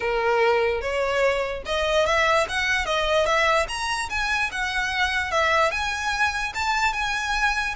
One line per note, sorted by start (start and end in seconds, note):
0.00 0.81 A#4
0.81 1.63 C#5
1.65 2.05 D#5
2.05 2.46 E5
2.48 2.85 F#5
2.85 3.26 D#5
3.26 3.66 E5
3.68 4.09 A#5
4.09 4.50 G#5
4.51 5.31 F#5
5.31 5.71 E5
5.71 6.52 G#5
6.54 6.93 A5
6.93 7.74 G#5